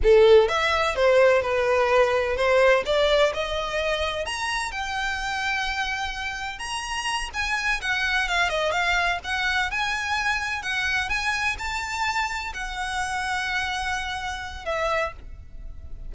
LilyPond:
\new Staff \with { instrumentName = "violin" } { \time 4/4 \tempo 4 = 127 a'4 e''4 c''4 b'4~ | b'4 c''4 d''4 dis''4~ | dis''4 ais''4 g''2~ | g''2 ais''4. gis''8~ |
gis''8 fis''4 f''8 dis''8 f''4 fis''8~ | fis''8 gis''2 fis''4 gis''8~ | gis''8 a''2 fis''4.~ | fis''2. e''4 | }